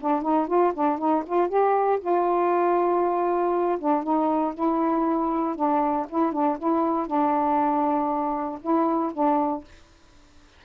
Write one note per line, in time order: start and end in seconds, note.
0.00 0.21 D4
0.21 0.47 D#4
0.47 0.72 F4
0.73 0.98 D4
0.98 1.23 D#4
1.26 1.48 F4
1.48 1.99 G4
2.00 3.78 F4
3.78 4.03 D4
4.03 4.53 D#4
4.54 5.55 E4
5.55 6.06 D4
6.09 6.32 E4
6.32 6.57 D4
6.58 7.06 E4
7.06 8.59 D4
8.61 9.12 E4
9.13 9.64 D4